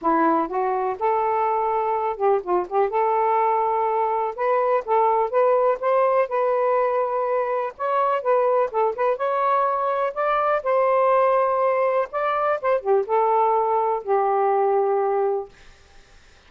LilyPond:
\new Staff \with { instrumentName = "saxophone" } { \time 4/4 \tempo 4 = 124 e'4 fis'4 a'2~ | a'8 g'8 f'8 g'8 a'2~ | a'4 b'4 a'4 b'4 | c''4 b'2. |
cis''4 b'4 a'8 b'8 cis''4~ | cis''4 d''4 c''2~ | c''4 d''4 c''8 g'8 a'4~ | a'4 g'2. | }